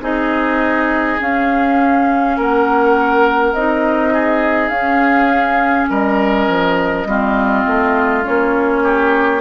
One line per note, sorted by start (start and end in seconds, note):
0.00 1.18 C4
0.00 1.18 D#4
0.00 2.36 G#4
0.00 1.21 D#5
1.19 3.55 C#4
1.19 2.38 C#4
1.19 2.39 F5
2.36 3.53 A#3
2.36 4.13 A#4
2.36 3.53 F#5
3.53 4.69 C4
3.53 4.73 D#4
3.53 4.68 D#5
4.13 5.89 G#4
4.68 5.87 C#4
4.68 7.07 C#4
4.68 5.86 F5
5.89 6.48 G3
5.89 7.07 A#4
5.89 8.25 D#5
6.48 7.05 F3
7.05 7.64 G3
7.05 8.23 C4
7.05 8.83 F4
7.66 8.25 A3
8.23 9.40 A#3
8.23 9.40 C#4
8.23 9.40 C#5
8.83 9.40 G4